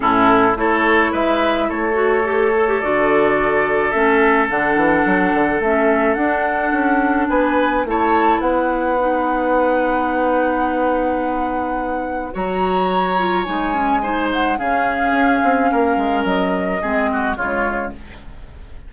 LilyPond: <<
  \new Staff \with { instrumentName = "flute" } { \time 4/4 \tempo 4 = 107 a'4 cis''4 e''4 cis''4~ | cis''4 d''2 e''4 | fis''2 e''4 fis''4~ | fis''4 gis''4 a''4 fis''4~ |
fis''1~ | fis''2 ais''2 | gis''4. fis''8 f''2~ | f''4 dis''2 cis''4 | }
  \new Staff \with { instrumentName = "oboe" } { \time 4/4 e'4 a'4 b'4 a'4~ | a'1~ | a'1~ | a'4 b'4 cis''4 b'4~ |
b'1~ | b'2 cis''2~ | cis''4 c''4 gis'2 | ais'2 gis'8 fis'8 f'4 | }
  \new Staff \with { instrumentName = "clarinet" } { \time 4/4 cis'4 e'2~ e'8 fis'8 | g'8 a'16 g'16 fis'2 cis'4 | d'2 cis'4 d'4~ | d'2 e'2 |
dis'1~ | dis'2 fis'4. f'8 | dis'8 cis'8 dis'4 cis'2~ | cis'2 c'4 gis4 | }
  \new Staff \with { instrumentName = "bassoon" } { \time 4/4 a,4 a4 gis4 a4~ | a4 d2 a4 | d8 e8 fis8 d8 a4 d'4 | cis'4 b4 a4 b4~ |
b1~ | b2 fis2 | gis2 cis4 cis'8 c'8 | ais8 gis8 fis4 gis4 cis4 | }
>>